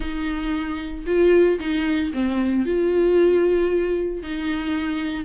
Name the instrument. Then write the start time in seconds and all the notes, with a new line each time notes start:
viola
0.00 D#4
1.06 F4
1.59 D#4
2.13 C4
2.65 F4
4.22 D#4